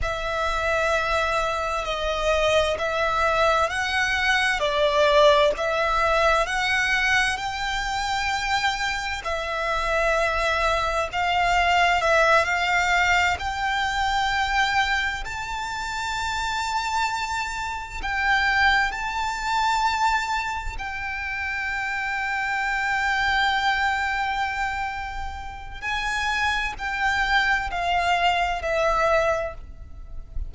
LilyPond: \new Staff \with { instrumentName = "violin" } { \time 4/4 \tempo 4 = 65 e''2 dis''4 e''4 | fis''4 d''4 e''4 fis''4 | g''2 e''2 | f''4 e''8 f''4 g''4.~ |
g''8 a''2. g''8~ | g''8 a''2 g''4.~ | g''1 | gis''4 g''4 f''4 e''4 | }